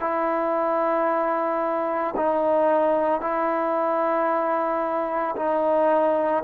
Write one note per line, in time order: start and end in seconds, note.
0.00 2.14 E4
2.17 3.21 D#4
3.21 5.35 E4
5.36 6.43 D#4